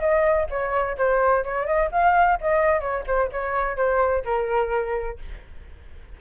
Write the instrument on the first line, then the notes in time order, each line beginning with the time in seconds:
flute
0.00 D#5
0.50 C#5
0.97 C5
1.44 C#5
1.66 D#5
1.92 F5
2.41 D#5
2.80 C#5
3.07 C5
3.32 C#5
3.76 C5
4.25 A#4